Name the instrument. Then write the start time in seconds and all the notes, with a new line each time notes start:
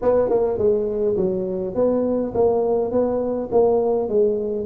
tuba
0.02 B3
0.29 A#3
0.57 G#3
1.16 F#3
1.74 B3
2.34 A#3
2.91 B3
3.51 A#3
4.08 G#3